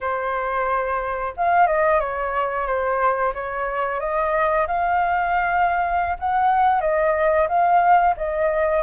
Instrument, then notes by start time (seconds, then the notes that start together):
flute
0.00 C5
1.36 F5
1.66 D#5
2.00 C#5
2.66 C5
3.34 C#5
4.00 D#5
4.67 F5
6.18 F#5
6.81 D#5
7.48 F5
8.17 D#5